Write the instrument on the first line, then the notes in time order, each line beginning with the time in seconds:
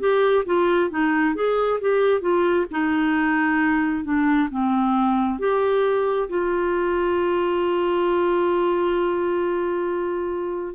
clarinet
0.00 G4
0.46 F4
0.90 D#4
1.35 G#4
1.81 G4
2.21 F4
2.71 D#4
4.04 D4
4.51 C4
5.39 G4
6.29 F4